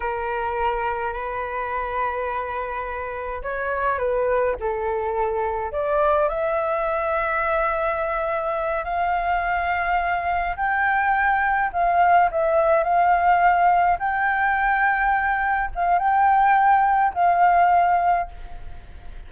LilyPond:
\new Staff \with { instrumentName = "flute" } { \time 4/4 \tempo 4 = 105 ais'2 b'2~ | b'2 cis''4 b'4 | a'2 d''4 e''4~ | e''2.~ e''8 f''8~ |
f''2~ f''8 g''4.~ | g''8 f''4 e''4 f''4.~ | f''8 g''2. f''8 | g''2 f''2 | }